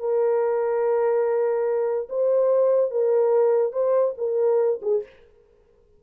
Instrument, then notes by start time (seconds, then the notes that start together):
horn
0.00 A#4
2.10 C5
2.91 A#4
3.73 C5
4.18 A#4
4.83 G#4